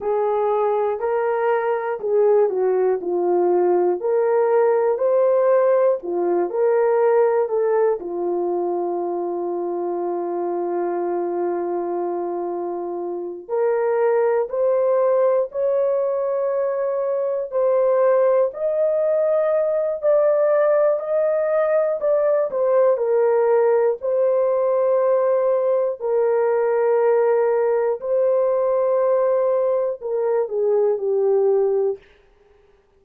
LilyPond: \new Staff \with { instrumentName = "horn" } { \time 4/4 \tempo 4 = 60 gis'4 ais'4 gis'8 fis'8 f'4 | ais'4 c''4 f'8 ais'4 a'8 | f'1~ | f'4. ais'4 c''4 cis''8~ |
cis''4. c''4 dis''4. | d''4 dis''4 d''8 c''8 ais'4 | c''2 ais'2 | c''2 ais'8 gis'8 g'4 | }